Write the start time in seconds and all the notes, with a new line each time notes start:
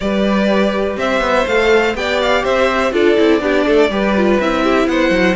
0.00 G3 G4 B4 D5
0.96 C4 C5 E5
1.20 B3
1.46 A3 A4 F5
1.94 B3 G4 D5 G5
2.21 F5
2.43 C4 C5 E5
2.91 D4 F4 A4 D5
3.16 C4 E4
3.40 B3 D4 G4
3.66 A3 A4
3.89 G3 G4 B4
4.17 F4
4.39 C4 E4 E5
4.63 G4
4.87 B3 C5 F#5
5.10 F#3